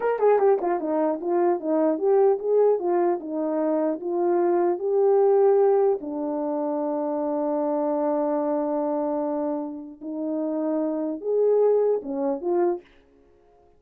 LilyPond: \new Staff \with { instrumentName = "horn" } { \time 4/4 \tempo 4 = 150 ais'8 gis'8 g'8 f'8 dis'4 f'4 | dis'4 g'4 gis'4 f'4 | dis'2 f'2 | g'2. d'4~ |
d'1~ | d'1~ | d'4 dis'2. | gis'2 cis'4 f'4 | }